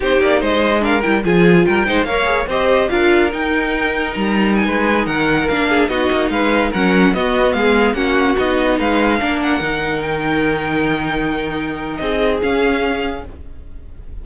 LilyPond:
<<
  \new Staff \with { instrumentName = "violin" } { \time 4/4 \tempo 4 = 145 c''8 d''8 dis''4 f''8 g''8 gis''4 | g''4 f''4 dis''4 f''4 | g''2 ais''4 gis''4~ | gis''16 fis''4 f''4 dis''4 f''8.~ |
f''16 fis''4 dis''4 f''4 fis''8.~ | fis''16 dis''4 f''4. fis''4~ fis''16~ | fis''16 g''2.~ g''8.~ | g''4 dis''4 f''2 | }
  \new Staff \with { instrumentName = "violin" } { \time 4/4 g'4 c''4 ais'4 gis'4 | ais'8 c''8 cis''4 c''4 ais'4~ | ais'2.~ ais'16 b'8.~ | b'16 ais'4. gis'8 fis'4 b'8.~ |
b'16 ais'4 fis'4 gis'4 fis'8.~ | fis'4~ fis'16 b'4 ais'4.~ ais'16~ | ais'1~ | ais'4 gis'2. | }
  \new Staff \with { instrumentName = "viola" } { \time 4/4 dis'2 d'8 e'8 f'4~ | f'8 dis'8 ais'8 gis'8 g'4 f'4 | dis'1~ | dis'4~ dis'16 d'4 dis'4.~ dis'16~ |
dis'16 cis'4 b2 cis'8.~ | cis'16 dis'2 d'4 dis'8.~ | dis'1~ | dis'2 cis'2 | }
  \new Staff \with { instrumentName = "cello" } { \time 4/4 c'8 ais8 gis4. g8 f4 | g8 gis8 ais4 c'4 d'4 | dis'2 g4~ g16 gis8.~ | gis16 dis4 ais4 b8 ais8 gis8.~ |
gis16 fis4 b4 gis4 ais8.~ | ais16 b4 gis4 ais4 dis8.~ | dis1~ | dis4 c'4 cis'2 | }
>>